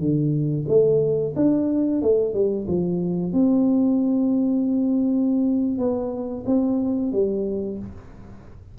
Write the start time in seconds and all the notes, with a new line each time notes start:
0.00 D3
0.69 A3
1.36 D4
2.02 A3
2.34 G3
2.68 F3
3.33 C4
5.78 B3
6.47 C4
7.13 G3